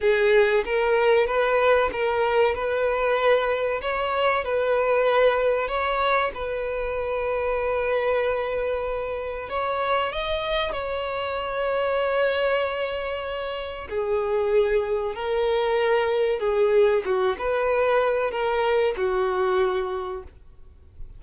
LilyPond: \new Staff \with { instrumentName = "violin" } { \time 4/4 \tempo 4 = 95 gis'4 ais'4 b'4 ais'4 | b'2 cis''4 b'4~ | b'4 cis''4 b'2~ | b'2. cis''4 |
dis''4 cis''2.~ | cis''2 gis'2 | ais'2 gis'4 fis'8 b'8~ | b'4 ais'4 fis'2 | }